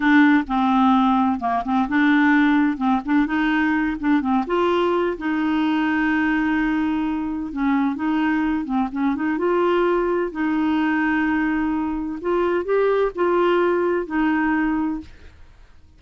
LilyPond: \new Staff \with { instrumentName = "clarinet" } { \time 4/4 \tempo 4 = 128 d'4 c'2 ais8 c'8 | d'2 c'8 d'8 dis'4~ | dis'8 d'8 c'8 f'4. dis'4~ | dis'1 |
cis'4 dis'4. c'8 cis'8 dis'8 | f'2 dis'2~ | dis'2 f'4 g'4 | f'2 dis'2 | }